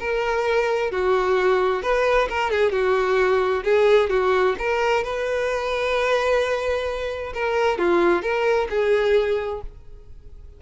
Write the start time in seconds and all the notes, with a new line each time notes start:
0.00 A#4
0.91 F#4
1.83 B4
2.30 A#4
2.51 G#4
2.72 F#4
3.64 G#4
4.10 F#4
4.59 A#4
5.04 B4
7.34 A#4
7.78 F4
8.22 A#4
8.70 G#4